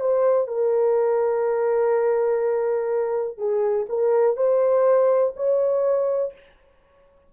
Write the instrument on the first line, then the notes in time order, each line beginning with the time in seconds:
horn
0.00 C5
0.47 A#4
3.37 G#4
3.88 A#4
4.36 C5
5.36 C#5